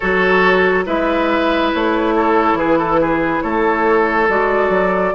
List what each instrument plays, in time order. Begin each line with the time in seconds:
0.00 bassoon F#3, clarinet F#4, oboe A4, flute C#5
0.85 bassoon G#3, clarinet E4, oboe B4, flute E5
1.73 bassoon A3, flute C#5
2.16 oboe A4
2.53 bassoon E3, oboe G#4, flute B4
2.78 oboe A4
3.00 oboe G#4
3.42 bassoon A3, oboe A4, flute C#5
4.29 bassoon G#3, clarinet F#4, flute D5
4.69 bassoon F#3